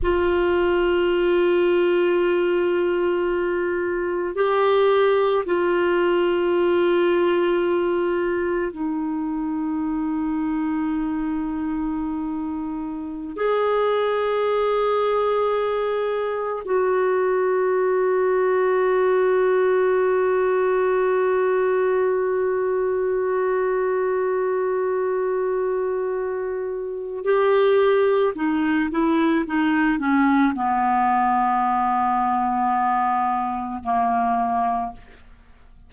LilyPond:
\new Staff \with { instrumentName = "clarinet" } { \time 4/4 \tempo 4 = 55 f'1 | g'4 f'2. | dis'1~ | dis'16 gis'2. fis'8.~ |
fis'1~ | fis'1~ | fis'4 g'4 dis'8 e'8 dis'8 cis'8 | b2. ais4 | }